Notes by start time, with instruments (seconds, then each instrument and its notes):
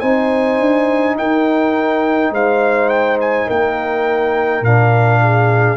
0.00 tuba C4, trombone D#4, horn C5, trumpet G#5
0.59 tuba D4
1.18 tuba D#4, horn A#4, trumpet G5
2.30 tuba G#3, horn C5, trumpet F5
2.89 trumpet G5
3.20 trumpet G#5
3.46 tuba A#3, horn A#4, trumpet G5
4.61 tuba A#2, trombone D4, trumpet F5
5.22 horn G#4